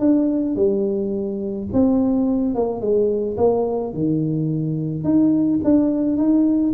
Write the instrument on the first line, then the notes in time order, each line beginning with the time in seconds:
tuba
0.00 D4
0.56 G3
1.73 C4
2.55 A#3
2.81 G#3
3.38 A#3
3.94 D#3
5.04 D#4
5.64 D4
6.18 D#4